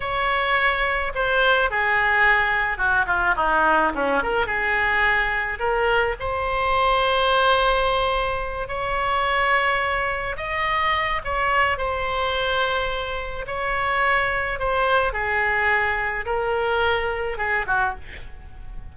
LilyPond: \new Staff \with { instrumentName = "oboe" } { \time 4/4 \tempo 4 = 107 cis''2 c''4 gis'4~ | gis'4 fis'8 f'8 dis'4 cis'8 ais'8 | gis'2 ais'4 c''4~ | c''2.~ c''8 cis''8~ |
cis''2~ cis''8 dis''4. | cis''4 c''2. | cis''2 c''4 gis'4~ | gis'4 ais'2 gis'8 fis'8 | }